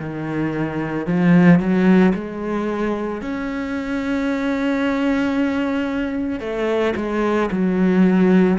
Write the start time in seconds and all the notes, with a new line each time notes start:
0.00 D#3
1.07 F3
1.60 F#3
2.15 G#3
3.21 C#4
6.40 A3
6.96 G#3
7.51 F#3